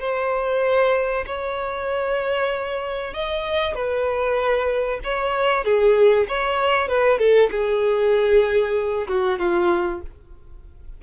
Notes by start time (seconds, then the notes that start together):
0.00 C5
1.27 C#5
3.14 D#5
3.75 B4
5.04 C#5
5.65 G#4
6.29 C#5
6.89 B4
7.19 A4
7.51 G#4
9.08 F#4
9.39 F4